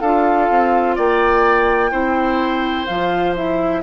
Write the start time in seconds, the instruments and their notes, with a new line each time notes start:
0.00 bassoon D4, clarinet F4, oboe A4, flute F5
0.49 bassoon C4
0.95 bassoon A#3, oboe D5, flute G5
1.90 bassoon C4, clarinet E4, oboe C5
2.86 bassoon F3, clarinet F4, flute F5
3.35 clarinet E4, flute E5